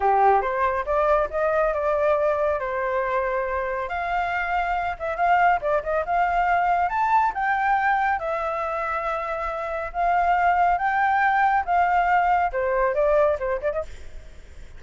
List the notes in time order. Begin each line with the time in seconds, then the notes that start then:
0.00 G4
0.41 C5
0.85 D5
1.30 D#5
1.73 D5
2.59 C5
3.88 F5
4.99 E5
5.16 F5
5.61 D5
5.83 D#5
6.05 F5
6.89 A5
7.34 G5
8.19 E5
9.92 F5
10.77 G5
11.65 F5
12.52 C5
12.94 D5
13.39 C5
13.61 D5
13.72 D#5